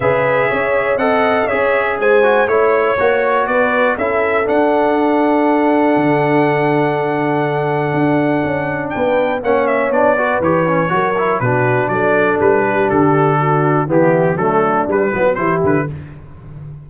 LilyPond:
<<
  \new Staff \with { instrumentName = "trumpet" } { \time 4/4 \tempo 4 = 121 e''2 fis''4 e''4 | gis''4 cis''2 d''4 | e''4 fis''2.~ | fis''1~ |
fis''2 g''4 fis''8 e''8 | d''4 cis''2 b'4 | d''4 b'4 a'2 | g'4 a'4 b'4 c''8 b'8 | }
  \new Staff \with { instrumentName = "horn" } { \time 4/4 b'4 cis''4 dis''4 cis''4 | c''4 cis''2 b'4 | a'1~ | a'1~ |
a'2 b'4 cis''4~ | cis''8 b'4. ais'4 fis'4 | a'4. g'4. fis'4 | e'4 d'4. e'16 fis'16 g'4 | }
  \new Staff \with { instrumentName = "trombone" } { \time 4/4 gis'2 a'4 gis'4~ | gis'8 fis'8 e'4 fis'2 | e'4 d'2.~ | d'1~ |
d'2. cis'4 | d'8 fis'8 g'8 cis'8 fis'8 e'8 d'4~ | d'1 | b4 a4 g8 b8 e'4 | }
  \new Staff \with { instrumentName = "tuba" } { \time 4/4 cis4 cis'4 c'4 cis'4 | gis4 a4 ais4 b4 | cis'4 d'2. | d1 |
d'4 cis'4 b4 ais4 | b4 e4 fis4 b,4 | fis4 g4 d2 | e4 fis4 g8 fis8 e8 d8 | }
>>